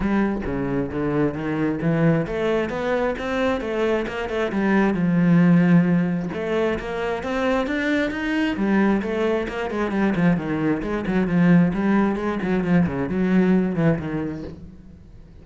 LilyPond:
\new Staff \with { instrumentName = "cello" } { \time 4/4 \tempo 4 = 133 g4 cis4 d4 dis4 | e4 a4 b4 c'4 | a4 ais8 a8 g4 f4~ | f2 a4 ais4 |
c'4 d'4 dis'4 g4 | a4 ais8 gis8 g8 f8 dis4 | gis8 fis8 f4 g4 gis8 fis8 | f8 cis8 fis4. e8 dis4 | }